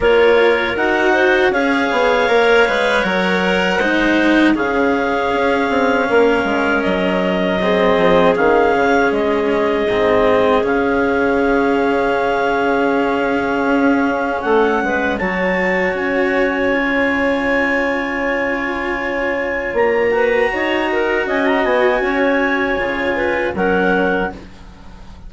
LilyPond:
<<
  \new Staff \with { instrumentName = "clarinet" } { \time 4/4 \tempo 4 = 79 cis''4 fis''4 f''2 | fis''2 f''2~ | f''4 dis''2 f''4 | dis''2 f''2~ |
f''2. fis''4 | a''4 gis''2.~ | gis''2 ais''2 | gis''16 ais''16 gis''2~ gis''8 fis''4 | }
  \new Staff \with { instrumentName = "clarinet" } { \time 4/4 ais'4. c''8 cis''2~ | cis''4 c''4 gis'2 | ais'2 gis'2~ | gis'1~ |
gis'2. a'8 b'8 | cis''1~ | cis''2~ cis''8 b'8 cis''8 ais'8 | dis''4 cis''4. b'8 ais'4 | }
  \new Staff \with { instrumentName = "cello" } { \time 4/4 f'4 fis'4 gis'4 ais'8 b'8 | ais'4 dis'4 cis'2~ | cis'2 c'4 cis'4~ | cis'4 c'4 cis'2~ |
cis'1 | fis'2 f'2~ | f'2~ f'8 fis'4.~ | fis'2 f'4 cis'4 | }
  \new Staff \with { instrumentName = "bassoon" } { \time 4/4 ais4 dis'4 cis'8 b8 ais8 gis8 | fis4 gis4 cis4 cis'8 c'8 | ais8 gis8 fis4. f8 dis8 cis8 | gis4 gis,4 cis2~ |
cis2 cis'4 a8 gis8 | fis4 cis'2.~ | cis'2 ais4 dis'4 | cis'8 b8 cis'4 cis4 fis4 | }
>>